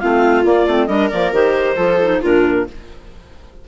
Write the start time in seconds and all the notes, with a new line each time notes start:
0.00 A3 C4 F4 F5
0.45 A#3 D5
0.67 A3 C4
0.87 G3 D4 A#4 D#5
1.10 F3 A#3 D5
1.33 D#3 G4 C5
1.76 F3 F4 A4
2.02 D#4
2.21 A#2 D4 F4 A#4